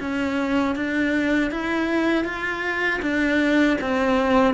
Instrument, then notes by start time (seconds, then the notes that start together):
cello
0.00 C#4
0.76 D4
1.51 E4
2.25 F4
3.02 D4
3.81 C4